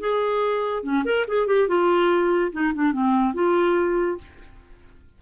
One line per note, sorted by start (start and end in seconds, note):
0.00 0.83 G#4
0.83 1.04 C#4
1.05 1.26 A#4
1.27 1.47 G#4
1.47 1.68 G4
1.68 2.52 F4
2.52 2.73 D#4
2.74 2.92 D4
2.92 3.34 C4
3.34 4.18 F4